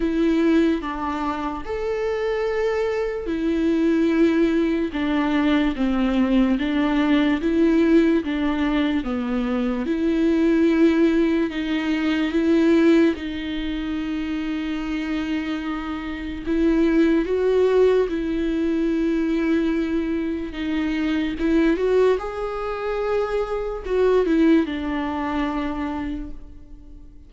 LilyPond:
\new Staff \with { instrumentName = "viola" } { \time 4/4 \tempo 4 = 73 e'4 d'4 a'2 | e'2 d'4 c'4 | d'4 e'4 d'4 b4 | e'2 dis'4 e'4 |
dis'1 | e'4 fis'4 e'2~ | e'4 dis'4 e'8 fis'8 gis'4~ | gis'4 fis'8 e'8 d'2 | }